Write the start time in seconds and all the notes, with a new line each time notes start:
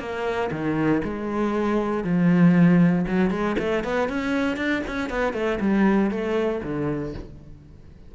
0.00 A#3
0.52 D#3
1.04 G#3
2.05 F3
3.07 F#3
3.31 G#3
3.59 A3
3.84 B3
4.09 C#4
4.57 D4
4.88 C#4
5.10 B3
5.34 A3
5.61 G3
6.11 A3
6.64 D3